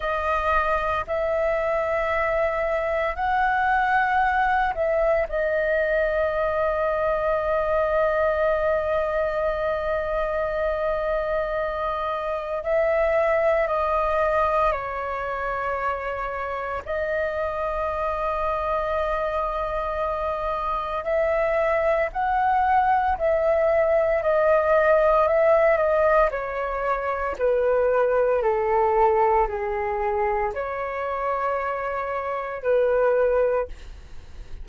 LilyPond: \new Staff \with { instrumentName = "flute" } { \time 4/4 \tempo 4 = 57 dis''4 e''2 fis''4~ | fis''8 e''8 dis''2.~ | dis''1 | e''4 dis''4 cis''2 |
dis''1 | e''4 fis''4 e''4 dis''4 | e''8 dis''8 cis''4 b'4 a'4 | gis'4 cis''2 b'4 | }